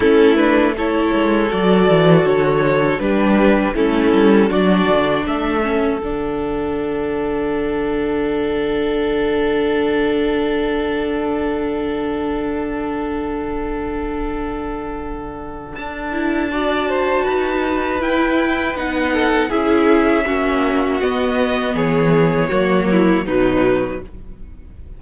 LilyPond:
<<
  \new Staff \with { instrumentName = "violin" } { \time 4/4 \tempo 4 = 80 a'8 b'8 cis''4 d''4 cis''4 | b'4 a'4 d''4 e''4 | fis''1~ | fis''1~ |
fis''1~ | fis''4 a''2. | g''4 fis''4 e''2 | dis''4 cis''2 b'4 | }
  \new Staff \with { instrumentName = "violin" } { \time 4/4 e'4 a'2. | g'4 e'4 fis'4 a'4~ | a'1~ | a'1~ |
a'1~ | a'2 d''8 c''8 b'4~ | b'4. a'8 gis'4 fis'4~ | fis'4 gis'4 fis'8 e'8 dis'4 | }
  \new Staff \with { instrumentName = "viola" } { \time 4/4 cis'8 d'8 e'4 fis'2 | d'4 cis'4 d'4. cis'8 | d'1~ | d'1~ |
d'1~ | d'4. e'8 fis'2 | e'4 dis'4 e'4 cis'4 | b2 ais4 fis4 | }
  \new Staff \with { instrumentName = "cello" } { \time 4/4 a4. gis8 fis8 e8 d4 | g4 a8 g8 fis8 d8 a4 | d1~ | d1~ |
d1~ | d4 d'2 dis'4 | e'4 b4 cis'4 ais4 | b4 e4 fis4 b,4 | }
>>